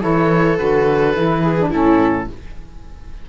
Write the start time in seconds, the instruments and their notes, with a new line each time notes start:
0.00 cello E3, saxophone E4, viola A4, oboe C#5
0.58 cello D3, saxophone F#4, oboe B4
1.14 cello E3, saxophone E4
1.42 viola G#4
1.59 saxophone D4
1.70 cello A2, saxophone C#4, viola E4, oboe A4